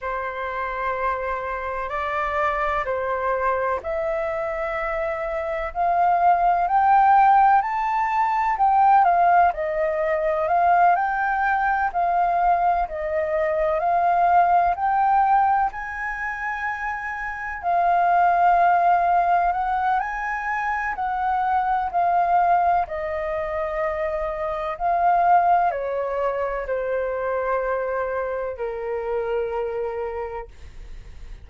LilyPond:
\new Staff \with { instrumentName = "flute" } { \time 4/4 \tempo 4 = 63 c''2 d''4 c''4 | e''2 f''4 g''4 | a''4 g''8 f''8 dis''4 f''8 g''8~ | g''8 f''4 dis''4 f''4 g''8~ |
g''8 gis''2 f''4.~ | f''8 fis''8 gis''4 fis''4 f''4 | dis''2 f''4 cis''4 | c''2 ais'2 | }